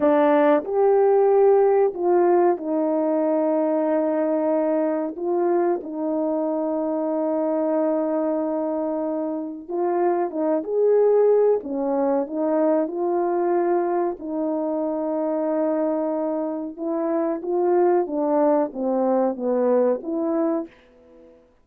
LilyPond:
\new Staff \with { instrumentName = "horn" } { \time 4/4 \tempo 4 = 93 d'4 g'2 f'4 | dis'1 | f'4 dis'2.~ | dis'2. f'4 |
dis'8 gis'4. cis'4 dis'4 | f'2 dis'2~ | dis'2 e'4 f'4 | d'4 c'4 b4 e'4 | }